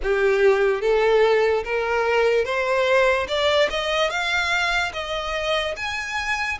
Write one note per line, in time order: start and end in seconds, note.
0.02 0.81 G4
0.81 1.63 A4
1.64 2.44 A#4
2.44 3.27 C5
3.28 3.69 D5
3.70 4.09 D#5
4.09 4.92 F5
4.93 5.75 D#5
5.76 6.58 G#5